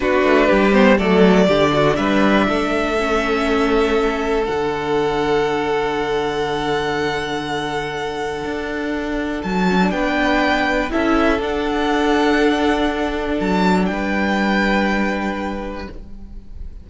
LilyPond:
<<
  \new Staff \with { instrumentName = "violin" } { \time 4/4 \tempo 4 = 121 b'4. c''8 d''2 | e''1~ | e''4 fis''2.~ | fis''1~ |
fis''2. a''4 | g''2 e''4 fis''4~ | fis''2. a''4 | g''1 | }
  \new Staff \with { instrumentName = "violin" } { \time 4/4 fis'4 g'4 a'4 g'8 fis'8 | b'4 a'2.~ | a'1~ | a'1~ |
a'1 | b'2 a'2~ | a'1 | b'1 | }
  \new Staff \with { instrumentName = "viola" } { \time 4/4 d'4. b8 a4 d'4~ | d'2 cis'2~ | cis'4 d'2.~ | d'1~ |
d'2.~ d'8 cis'16 d'16~ | d'2 e'4 d'4~ | d'1~ | d'1 | }
  \new Staff \with { instrumentName = "cello" } { \time 4/4 b8 a8 g4 fis4 d4 | g4 a2.~ | a4 d2.~ | d1~ |
d4 d'2 fis4 | b2 cis'4 d'4~ | d'2. fis4 | g1 | }
>>